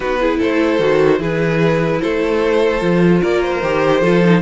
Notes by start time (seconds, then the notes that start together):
0.00 B3 D#4 F#4 B4
0.20 E4 G#4
0.38 A3 A4 C5
0.79 D#3 F#4
1.19 E3 E4 G#4 B4
2.01 A3 A4 C5
2.80 F3 F4
3.21 A#3 A#4 D5
3.42 C5
3.62 D#3 G4
4.01 F3 F4 A4
4.23 D#4